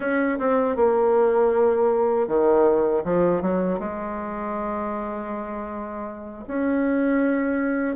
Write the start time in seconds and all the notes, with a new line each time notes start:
0.00 C#4
0.38 C4
0.76 A#3
2.27 D#3
3.04 F3
3.41 F#3
3.79 G#3
6.47 C#4